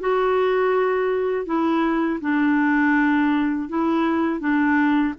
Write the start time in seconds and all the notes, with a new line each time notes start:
0.00 F#4
1.45 E4
2.21 D4
3.69 E4
4.40 D4